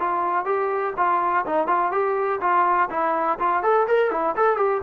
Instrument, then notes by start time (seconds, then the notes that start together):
trombone
0.00 F4
0.46 G4
0.97 F4
1.47 D#4
1.68 F4
1.92 G4
2.41 F4
2.91 E4
3.40 F4
3.63 A4
3.88 A#4
4.12 E4
4.37 A4
4.57 G4